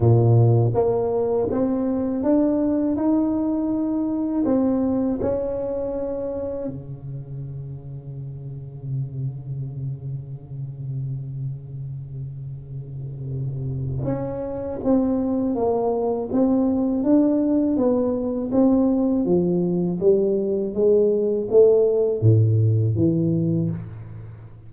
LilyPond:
\new Staff \with { instrumentName = "tuba" } { \time 4/4 \tempo 4 = 81 ais,4 ais4 c'4 d'4 | dis'2 c'4 cis'4~ | cis'4 cis2.~ | cis1~ |
cis2. cis'4 | c'4 ais4 c'4 d'4 | b4 c'4 f4 g4 | gis4 a4 a,4 e4 | }